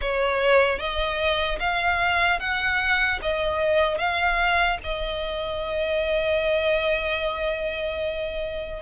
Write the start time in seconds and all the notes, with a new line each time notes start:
0.01 C#5
0.78 D#5
1.59 F5
2.39 F#5
3.21 D#5
3.98 F5
4.83 D#5